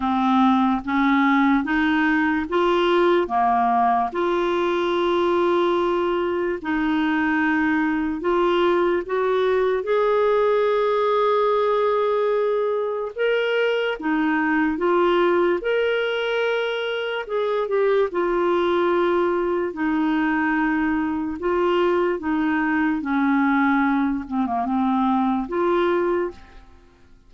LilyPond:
\new Staff \with { instrumentName = "clarinet" } { \time 4/4 \tempo 4 = 73 c'4 cis'4 dis'4 f'4 | ais4 f'2. | dis'2 f'4 fis'4 | gis'1 |
ais'4 dis'4 f'4 ais'4~ | ais'4 gis'8 g'8 f'2 | dis'2 f'4 dis'4 | cis'4. c'16 ais16 c'4 f'4 | }